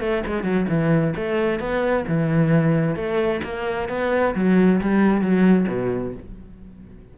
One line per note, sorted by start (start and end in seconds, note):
0.00 0.23 A3
0.26 0.43 G#3
0.43 0.66 F#3
0.69 1.14 E3
1.16 1.60 A3
1.60 2.05 B3
2.08 2.95 E3
2.95 3.41 A3
3.43 3.89 A#3
3.89 4.34 B3
4.35 4.80 F#3
4.81 5.21 G3
5.21 5.67 F#3
5.68 6.13 B2